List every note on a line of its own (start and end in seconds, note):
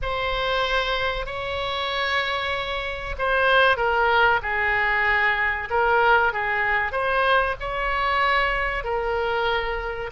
0.01 1.26 C5
1.26 3.15 C#5
3.18 3.76 C5
3.76 4.40 A#4
4.42 5.68 G#4
5.70 6.32 A#4
6.32 6.92 G#4
6.92 7.55 C5
7.60 8.84 C#5
8.84 10.10 A#4